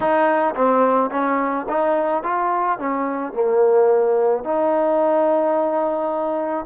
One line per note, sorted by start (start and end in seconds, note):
0.00 0.54 D#4
0.55 1.10 C4
1.10 1.66 C#4
1.68 2.23 D#4
2.23 2.78 F4
2.78 3.33 C#4
3.33 4.43 A#3
4.43 6.65 D#4